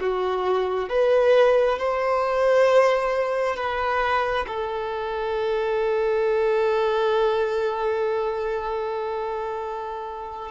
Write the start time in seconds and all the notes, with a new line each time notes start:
0.00 F#4
0.89 B4
1.79 C5
3.56 B4
4.48 A4